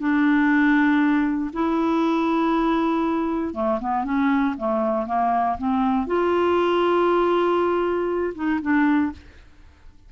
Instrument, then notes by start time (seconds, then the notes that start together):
clarinet
0.00 D4
1.54 E4
3.54 A3
3.81 B3
4.05 C#4
4.58 A3
5.07 A#3
5.59 C4
6.07 F4
8.35 D#4
8.62 D4